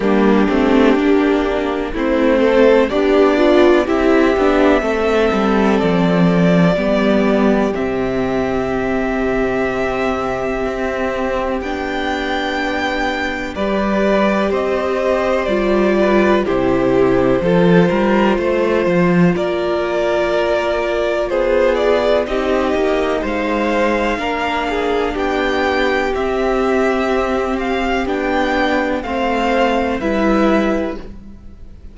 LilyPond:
<<
  \new Staff \with { instrumentName = "violin" } { \time 4/4 \tempo 4 = 62 g'2 c''4 d''4 | e''2 d''2 | e''1 | g''2 d''4 dis''4 |
d''4 c''2. | d''2 c''8 d''8 dis''4 | f''2 g''4 e''4~ | e''8 f''8 g''4 f''4 e''4 | }
  \new Staff \with { instrumentName = "violin" } { \time 4/4 d'2 e'8 a'8 d'4 | g'4 a'2 g'4~ | g'1~ | g'2 b'4 c''4~ |
c''8 b'8 g'4 a'8 ais'8 c''4 | ais'2 gis'4 g'4 | c''4 ais'8 gis'8 g'2~ | g'2 c''4 b'4 | }
  \new Staff \with { instrumentName = "viola" } { \time 4/4 ais8 c'8 d'4 c'4 g'8 f'8 | e'8 d'8 c'2 b4 | c'1 | d'2 g'2 |
f'4 e'4 f'2~ | f'2. dis'4~ | dis'4 d'2 c'4~ | c'4 d'4 c'4 e'4 | }
  \new Staff \with { instrumentName = "cello" } { \time 4/4 g8 a8 ais4 a4 b4 | c'8 b8 a8 g8 f4 g4 | c2. c'4 | b2 g4 c'4 |
g4 c4 f8 g8 a8 f8 | ais2 b4 c'8 ais8 | gis4 ais4 b4 c'4~ | c'4 b4 a4 g4 | }
>>